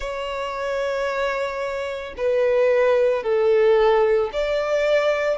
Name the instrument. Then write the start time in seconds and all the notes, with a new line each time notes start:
violin
0.00 C#5
2.17 B4
3.23 A4
4.32 D5